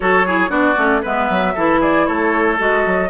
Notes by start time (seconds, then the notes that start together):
0.00 F#3 F#4 A4 C#5
0.26 E4 G#4
0.49 B3 D4 F#4 D5
0.77 A3 C#4
1.02 G#3 B3 B4 E5
1.29 F#3
1.55 E3 E4 A4
1.80 G#4 D5
2.05 A3 A4 C#5
2.58 G#3 F#4 D#5
2.85 F#3